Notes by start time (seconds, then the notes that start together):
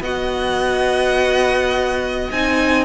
0.00 B3 F#4 D#5 F#5
2.31 C4 D#4 G#5